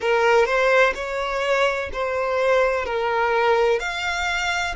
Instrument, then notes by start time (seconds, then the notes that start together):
violin
0.00 A#4
0.45 C5
0.94 C#5
1.92 C5
2.85 A#4
3.79 F5